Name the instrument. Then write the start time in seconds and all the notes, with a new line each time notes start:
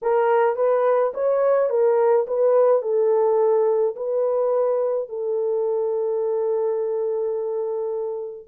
horn
0.02 A#4
0.56 B4
1.13 C#5
1.69 A#4
2.27 B4
2.82 A4
3.95 B4
5.08 A4